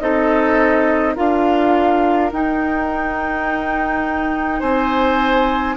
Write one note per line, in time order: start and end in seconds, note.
0.00 1.16 C4
0.00 1.16 D#4
0.00 1.15 A4
0.00 1.15 D#5
1.15 2.33 D4
1.15 2.31 F4
1.15 4.60 A#4
1.15 2.32 F5
2.33 4.62 D#4
2.33 5.78 D#4
2.33 4.61 G5
4.60 5.77 C4
4.60 5.75 C5
4.60 5.77 G#5